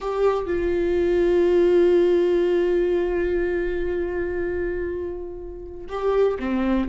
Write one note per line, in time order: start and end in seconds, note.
0.00 0.46 G4
0.46 5.87 F4
5.88 6.37 G4
6.39 6.88 C4